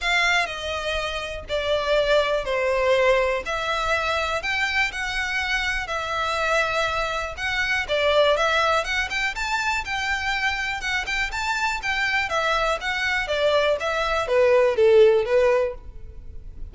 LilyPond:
\new Staff \with { instrumentName = "violin" } { \time 4/4 \tempo 4 = 122 f''4 dis''2 d''4~ | d''4 c''2 e''4~ | e''4 g''4 fis''2 | e''2. fis''4 |
d''4 e''4 fis''8 g''8 a''4 | g''2 fis''8 g''8 a''4 | g''4 e''4 fis''4 d''4 | e''4 b'4 a'4 b'4 | }